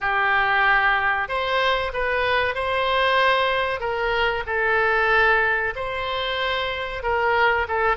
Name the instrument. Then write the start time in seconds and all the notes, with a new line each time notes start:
oboe
0.00 G4
1.28 C5
1.93 B4
2.54 C5
3.79 A#4
4.46 A4
5.75 C5
7.02 A#4
7.68 A4